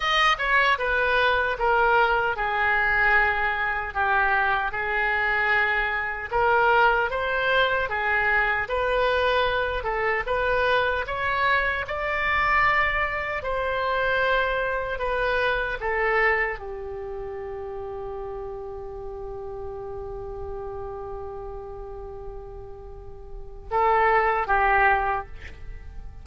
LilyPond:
\new Staff \with { instrumentName = "oboe" } { \time 4/4 \tempo 4 = 76 dis''8 cis''8 b'4 ais'4 gis'4~ | gis'4 g'4 gis'2 | ais'4 c''4 gis'4 b'4~ | b'8 a'8 b'4 cis''4 d''4~ |
d''4 c''2 b'4 | a'4 g'2.~ | g'1~ | g'2 a'4 g'4 | }